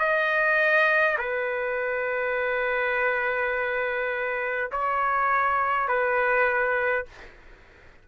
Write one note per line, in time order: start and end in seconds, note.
0.00 1.18 D#5
1.18 4.71 B4
4.72 5.88 C#5
5.88 7.06 B4